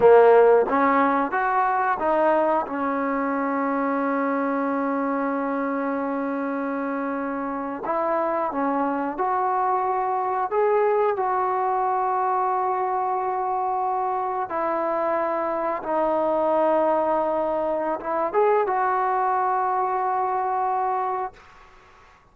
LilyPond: \new Staff \with { instrumentName = "trombone" } { \time 4/4 \tempo 4 = 90 ais4 cis'4 fis'4 dis'4 | cis'1~ | cis'2.~ cis'8. e'16~ | e'8. cis'4 fis'2 gis'16~ |
gis'8. fis'2.~ fis'16~ | fis'4.~ fis'16 e'2 dis'16~ | dis'2. e'8 gis'8 | fis'1 | }